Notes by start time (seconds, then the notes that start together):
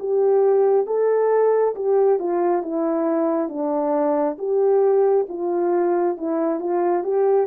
0.00 G4
0.87 A4
1.75 G4
2.19 F4
2.63 E4
3.49 D4
4.39 G4
5.29 F4
6.18 E4
6.60 F4
7.04 G4